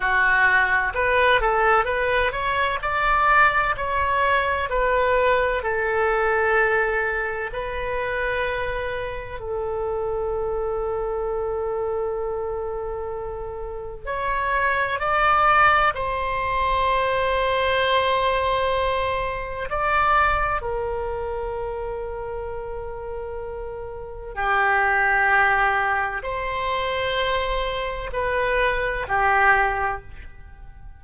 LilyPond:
\new Staff \with { instrumentName = "oboe" } { \time 4/4 \tempo 4 = 64 fis'4 b'8 a'8 b'8 cis''8 d''4 | cis''4 b'4 a'2 | b'2 a'2~ | a'2. cis''4 |
d''4 c''2.~ | c''4 d''4 ais'2~ | ais'2 g'2 | c''2 b'4 g'4 | }